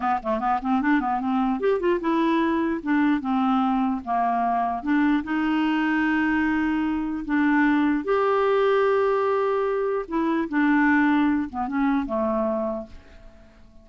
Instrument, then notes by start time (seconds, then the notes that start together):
clarinet
0.00 B3
0.23 A3
0.39 B3
0.62 C4
0.81 D4
1.00 B3
1.20 C4
1.60 G4
1.80 F4
2.00 E4
2.82 D4
3.20 C4
4.04 A#3
4.82 D4
5.23 D#4
7.25 D4
8.04 G4
10.08 E4
10.48 D4
11.49 B3
11.67 C#4
12.06 A3